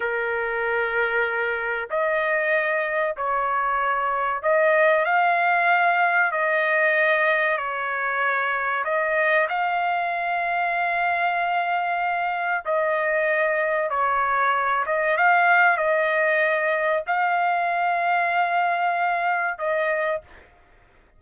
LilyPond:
\new Staff \with { instrumentName = "trumpet" } { \time 4/4 \tempo 4 = 95 ais'2. dis''4~ | dis''4 cis''2 dis''4 | f''2 dis''2 | cis''2 dis''4 f''4~ |
f''1 | dis''2 cis''4. dis''8 | f''4 dis''2 f''4~ | f''2. dis''4 | }